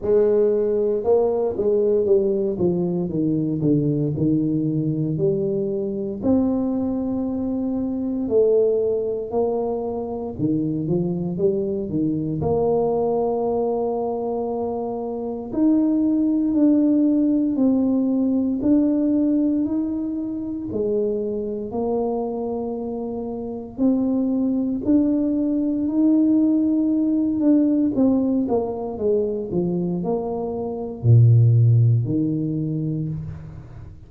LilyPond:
\new Staff \with { instrumentName = "tuba" } { \time 4/4 \tempo 4 = 58 gis4 ais8 gis8 g8 f8 dis8 d8 | dis4 g4 c'2 | a4 ais4 dis8 f8 g8 dis8 | ais2. dis'4 |
d'4 c'4 d'4 dis'4 | gis4 ais2 c'4 | d'4 dis'4. d'8 c'8 ais8 | gis8 f8 ais4 ais,4 dis4 | }